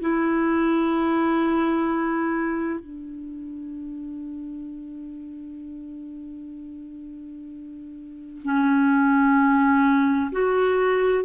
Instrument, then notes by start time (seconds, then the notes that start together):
clarinet
0.00 E4
2.80 D4
8.43 C#4
10.31 F#4